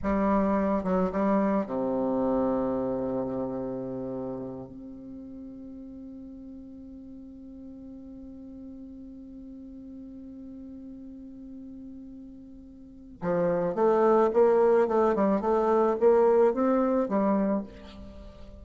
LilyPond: \new Staff \with { instrumentName = "bassoon" } { \time 4/4 \tempo 4 = 109 g4. fis8 g4 c4~ | c1~ | c8 c'2.~ c'8~ | c'1~ |
c'1~ | c'1 | f4 a4 ais4 a8 g8 | a4 ais4 c'4 g4 | }